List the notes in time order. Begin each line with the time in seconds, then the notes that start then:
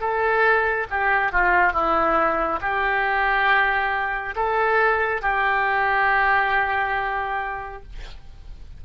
0.00 A4
0.90 G4
1.32 F4
1.73 E4
2.61 G4
4.36 A4
5.22 G4